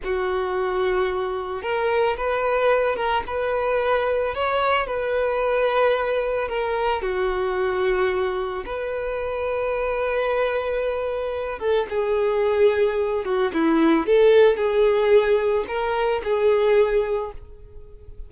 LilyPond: \new Staff \with { instrumentName = "violin" } { \time 4/4 \tempo 4 = 111 fis'2. ais'4 | b'4. ais'8 b'2 | cis''4 b'2. | ais'4 fis'2. |
b'1~ | b'4. a'8 gis'2~ | gis'8 fis'8 e'4 a'4 gis'4~ | gis'4 ais'4 gis'2 | }